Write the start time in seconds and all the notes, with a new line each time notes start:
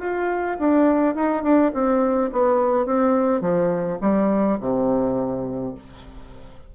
0.00 F4
0.59 D4
1.15 D#4
1.43 D4
1.74 C4
2.32 B3
2.86 C4
3.41 F3
4.01 G3
4.61 C3